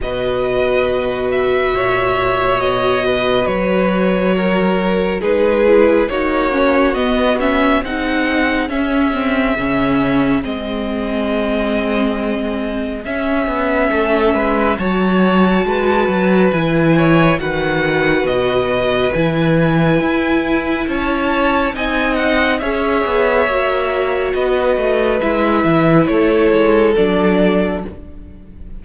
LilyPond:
<<
  \new Staff \with { instrumentName = "violin" } { \time 4/4 \tempo 4 = 69 dis''4. e''4. dis''4 | cis''2 b'4 cis''4 | dis''8 e''8 fis''4 e''2 | dis''2. e''4~ |
e''4 a''2 gis''4 | fis''4 dis''4 gis''2 | a''4 gis''8 fis''8 e''2 | dis''4 e''4 cis''4 d''4 | }
  \new Staff \with { instrumentName = "violin" } { \time 4/4 b'2 cis''4. b'8~ | b'4 ais'4 gis'4 fis'4~ | fis'4 gis'2.~ | gis'1 |
a'8 b'8 cis''4 b'4. cis''8 | b'1 | cis''4 dis''4 cis''2 | b'2 a'2 | }
  \new Staff \with { instrumentName = "viola" } { \time 4/4 fis'1~ | fis'2 dis'8 e'8 dis'8 cis'8 | b8 cis'8 dis'4 cis'8 c'8 cis'4 | c'2. cis'4~ |
cis'4 fis'2 e'4 | fis'2 e'2~ | e'4 dis'4 gis'4 fis'4~ | fis'4 e'2 d'4 | }
  \new Staff \with { instrumentName = "cello" } { \time 4/4 b,2 ais,4 b,4 | fis2 gis4 ais4 | b4 c'4 cis'4 cis4 | gis2. cis'8 b8 |
a8 gis8 fis4 gis8 fis8 e4 | dis4 b,4 e4 e'4 | cis'4 c'4 cis'8 b8 ais4 | b8 a8 gis8 e8 a8 gis8 fis4 | }
>>